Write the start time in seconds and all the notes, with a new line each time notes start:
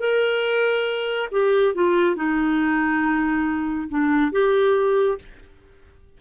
0.00 A#4
1.31 G4
1.75 F4
2.16 D#4
3.89 D4
4.32 G4